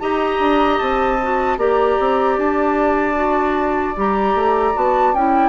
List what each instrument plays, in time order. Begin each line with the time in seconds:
0.00 bassoon D#4, clarinet G4, oboe D#5, flute A#5
0.40 bassoon D4
0.78 bassoon C4, flute A5
1.22 clarinet F#4
1.58 bassoon A#3, clarinet G4, oboe D5, flute A#5
2.00 bassoon C4
2.38 bassoon D4, flute A5
3.15 clarinet F#4
3.96 bassoon G3, clarinet G4, flute A#5
4.35 bassoon A3
4.74 bassoon B3, clarinet F#4, flute A5
5.13 bassoon C#4, clarinet E4, flute G5